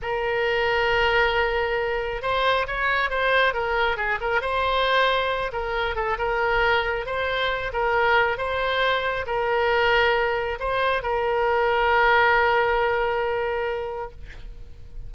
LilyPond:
\new Staff \with { instrumentName = "oboe" } { \time 4/4 \tempo 4 = 136 ais'1~ | ais'4 c''4 cis''4 c''4 | ais'4 gis'8 ais'8 c''2~ | c''8 ais'4 a'8 ais'2 |
c''4. ais'4. c''4~ | c''4 ais'2. | c''4 ais'2.~ | ais'1 | }